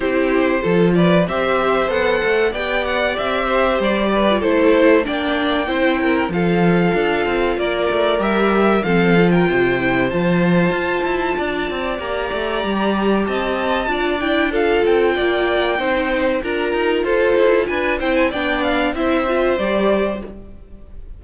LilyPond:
<<
  \new Staff \with { instrumentName = "violin" } { \time 4/4 \tempo 4 = 95 c''4. d''8 e''4 fis''4 | g''8 fis''8 e''4 d''4 c''4 | g''2 f''2 | d''4 e''4 f''8. g''4~ g''16 |
a''2. ais''4~ | ais''4 a''4. g''8 f''8 g''8~ | g''2 ais''4 c''4 | gis''8 g''16 gis''16 g''8 f''8 e''4 d''4 | }
  \new Staff \with { instrumentName = "violin" } { \time 4/4 g'4 a'8 b'8 c''2 | d''4. c''4 b'8 a'4 | d''4 c''8 ais'8 a'2 | ais'2 a'8. ais'16 c''4~ |
c''2 d''2~ | d''4 dis''4 d''4 a'4 | d''4 c''4 ais'4 a'4 | b'8 c''8 d''4 c''2 | }
  \new Staff \with { instrumentName = "viola" } { \time 4/4 e'4 f'4 g'4 a'4 | g'2~ g'8. f'16 e'4 | d'4 e'4 f'2~ | f'4 g'4 c'8 f'4 e'8 |
f'2. g'4~ | g'2 f'8 e'8 f'4~ | f'4 dis'4 f'2~ | f'8 e'8 d'4 e'8 f'8 g'4 | }
  \new Staff \with { instrumentName = "cello" } { \time 4/4 c'4 f4 c'4 b8 a8 | b4 c'4 g4 a4 | ais4 c'4 f4 d'8 c'8 | ais8 a8 g4 f4 c4 |
f4 f'8 e'8 d'8 c'8 ais8 a8 | g4 c'4 d'4. c'8 | ais4 c'4 d'8 dis'8 f'8 e'8 | d'8 c'8 b4 c'4 g4 | }
>>